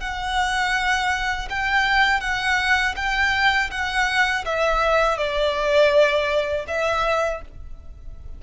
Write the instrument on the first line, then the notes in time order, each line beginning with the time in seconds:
violin
0.00 F#5
1.49 G5
2.21 F#5
2.96 G5
3.71 F#5
4.45 E5
5.18 D5
6.67 E5